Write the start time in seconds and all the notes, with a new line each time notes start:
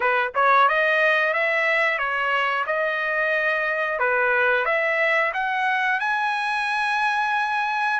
0.00 B4
0.35 C#5
0.68 D#5
1.33 E5
1.98 C#5
2.66 D#5
3.99 B4
4.65 E5
5.33 F#5
6.00 G#5